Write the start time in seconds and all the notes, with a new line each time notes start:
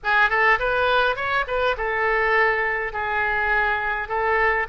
0.03 G#4
0.29 A4
0.59 B4
1.16 C#5
1.47 B4
1.77 A4
2.92 G#4
4.08 A4